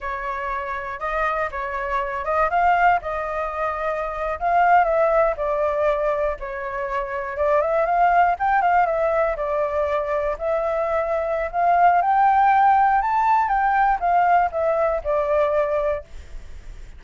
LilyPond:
\new Staff \with { instrumentName = "flute" } { \time 4/4 \tempo 4 = 120 cis''2 dis''4 cis''4~ | cis''8 dis''8 f''4 dis''2~ | dis''8. f''4 e''4 d''4~ d''16~ | d''8. cis''2 d''8 e''8 f''16~ |
f''8. g''8 f''8 e''4 d''4~ d''16~ | d''8. e''2~ e''16 f''4 | g''2 a''4 g''4 | f''4 e''4 d''2 | }